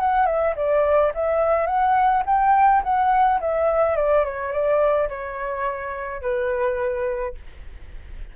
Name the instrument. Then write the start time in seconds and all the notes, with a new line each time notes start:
flute
0.00 F#5
0.26 E5
0.56 D5
1.14 E5
1.66 F#5
2.26 G5
2.83 F#5
3.40 E5
3.96 D5
4.24 C#5
4.52 D5
5.09 C#5
6.21 B4